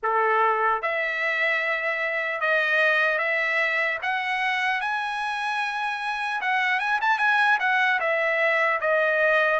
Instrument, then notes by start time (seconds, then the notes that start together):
trumpet
0.02 A4
0.82 E5
2.40 D#5
3.18 E5
4.02 F#5
4.80 G#5
6.41 F#5
6.79 G#5
7.01 A5
7.18 G#5
7.59 F#5
8.00 E5
8.80 D#5